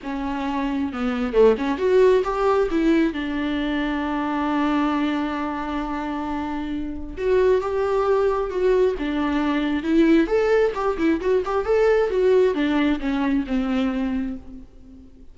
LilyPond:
\new Staff \with { instrumentName = "viola" } { \time 4/4 \tempo 4 = 134 cis'2 b4 a8 cis'8 | fis'4 g'4 e'4 d'4~ | d'1~ | d'1 |
fis'4 g'2 fis'4 | d'2 e'4 a'4 | g'8 e'8 fis'8 g'8 a'4 fis'4 | d'4 cis'4 c'2 | }